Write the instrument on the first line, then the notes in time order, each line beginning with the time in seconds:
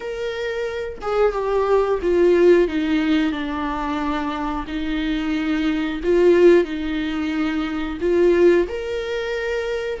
viola
0.00 A#4
1.01 G#4
1.32 G4
2.02 F4
2.68 D#4
3.32 D4
4.67 D#4
6.03 F4
6.64 D#4
8.00 F4
8.68 A#4